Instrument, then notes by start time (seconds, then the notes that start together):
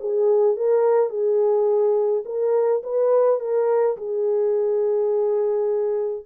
horn
0.00 G#4
0.56 A#4
1.09 G#4
2.25 A#4
2.83 B4
3.40 A#4
3.97 G#4